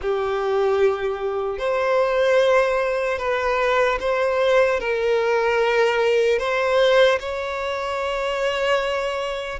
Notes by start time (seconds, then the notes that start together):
0.01 G4
1.58 C5
3.18 B4
4.00 C5
4.80 A#4
6.38 C5
7.19 C#5